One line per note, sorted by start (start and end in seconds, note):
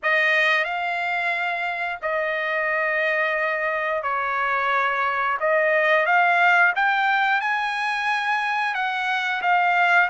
0.02 0.64 D#5
0.64 1.99 F5
2.02 4.03 D#5
4.03 5.37 C#5
5.40 6.06 D#5
6.06 6.73 F5
6.75 7.41 G5
7.41 8.74 G#5
8.74 9.41 F#5
9.41 10.09 F5